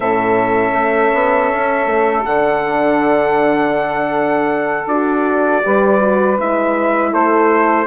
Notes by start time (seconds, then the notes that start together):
0.00 A2 C#4 A4 E5
0.73 A3
1.13 B3
1.53 C#4
1.86 A3
2.25 D3 D4 F#5
4.86 D4 F#4 D5
5.63 G3 G4 B4
6.00 F#4
6.38 G#3 E4 E5
7.10 A3 A4 C5